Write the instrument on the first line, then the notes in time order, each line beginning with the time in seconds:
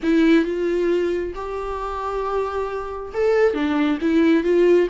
viola
0.03 E4
0.44 F4
1.35 G4
3.13 A4
3.54 D4
4.01 E4
4.43 F4